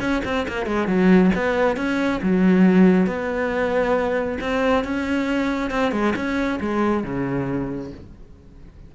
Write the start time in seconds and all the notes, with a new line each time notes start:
0.00 C#4
0.24 C4
0.48 A#3
0.66 G#3
0.87 F#3
1.35 B3
1.76 C#4
2.22 F#3
3.06 B3
4.40 C4
4.84 C#4
5.70 C4
5.92 G#3
6.15 C#4
6.60 G#3
7.04 C#3